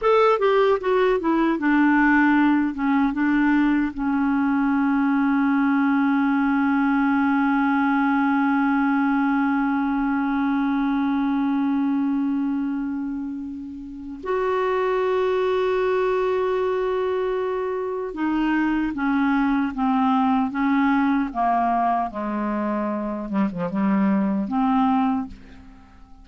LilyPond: \new Staff \with { instrumentName = "clarinet" } { \time 4/4 \tempo 4 = 76 a'8 g'8 fis'8 e'8 d'4. cis'8 | d'4 cis'2.~ | cis'1~ | cis'1~ |
cis'2 fis'2~ | fis'2. dis'4 | cis'4 c'4 cis'4 ais4 | gis4. g16 f16 g4 c'4 | }